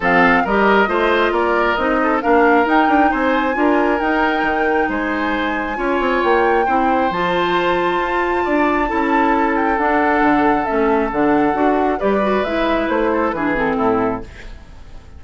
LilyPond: <<
  \new Staff \with { instrumentName = "flute" } { \time 4/4 \tempo 4 = 135 f''4 dis''2 d''4 | dis''4 f''4 g''4 gis''4~ | gis''4 g''2 gis''4~ | gis''2 g''2 |
a''1~ | a''4. g''8 fis''2 | e''4 fis''2 d''4 | e''4 c''4 b'8 a'4. | }
  \new Staff \with { instrumentName = "oboe" } { \time 4/4 a'4 ais'4 c''4 ais'4~ | ais'8 a'8 ais'2 c''4 | ais'2. c''4~ | c''4 cis''2 c''4~ |
c''2. d''4 | a'1~ | a'2. b'4~ | b'4. a'8 gis'4 e'4 | }
  \new Staff \with { instrumentName = "clarinet" } { \time 4/4 c'4 g'4 f'2 | dis'4 d'4 dis'2 | f'4 dis'2.~ | dis'4 f'2 e'4 |
f'1 | e'2 d'2 | cis'4 d'4 fis'4 g'8 fis'8 | e'2 d'8 c'4. | }
  \new Staff \with { instrumentName = "bassoon" } { \time 4/4 f4 g4 a4 ais4 | c'4 ais4 dis'8 d'8 c'4 | d'4 dis'4 dis4 gis4~ | gis4 cis'8 c'8 ais4 c'4 |
f2 f'4 d'4 | cis'2 d'4 d4 | a4 d4 d'4 g4 | gis4 a4 e4 a,4 | }
>>